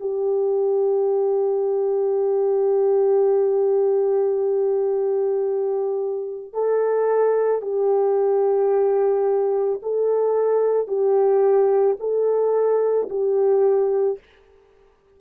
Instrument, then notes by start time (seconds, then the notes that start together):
horn
0.00 G4
6.53 A4
7.62 G4
9.82 A4
10.87 G4
12.00 A4
13.10 G4